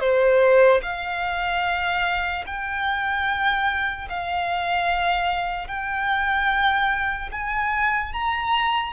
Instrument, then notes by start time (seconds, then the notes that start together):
violin
0.00 C5
0.82 F5
2.47 G5
4.09 F5
5.68 G5
7.32 G#5
8.13 A#5